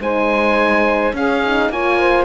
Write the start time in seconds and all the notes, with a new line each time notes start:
0.00 G#3 D#4 C5 G#5
1.13 C#4 G#4 F5
1.44 D#4
1.70 A#3 F4 C#5 G#5
2.00 C5